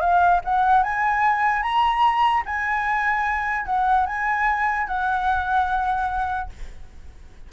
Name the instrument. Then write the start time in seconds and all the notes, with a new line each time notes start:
flute
0.00 F5
0.44 F#5
0.83 G#5
1.62 A#5
2.45 G#5
3.65 F#5
4.06 G#5
4.87 F#5